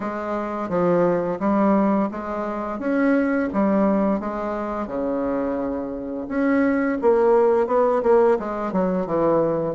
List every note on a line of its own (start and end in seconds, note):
0.00 0.69 G#3
0.69 1.39 F3
1.39 2.09 G3
2.11 2.79 G#3
2.79 3.49 C#4
3.53 4.20 G3
4.20 4.87 G#3
4.87 6.26 C#3
6.28 6.98 C#4
7.01 7.66 A#3
7.66 8.01 B3
8.02 8.37 A#3
8.39 8.72 G#3
8.72 9.06 F#3
9.06 9.75 E3